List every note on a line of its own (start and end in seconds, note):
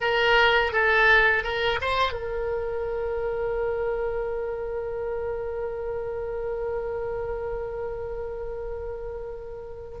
0.00 0.72 A#4
0.72 1.43 A4
1.43 1.79 A#4
1.81 2.12 C5
2.12 9.98 A#4